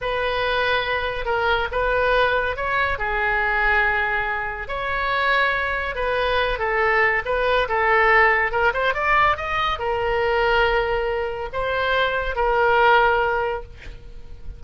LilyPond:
\new Staff \with { instrumentName = "oboe" } { \time 4/4 \tempo 4 = 141 b'2. ais'4 | b'2 cis''4 gis'4~ | gis'2. cis''4~ | cis''2 b'4. a'8~ |
a'4 b'4 a'2 | ais'8 c''8 d''4 dis''4 ais'4~ | ais'2. c''4~ | c''4 ais'2. | }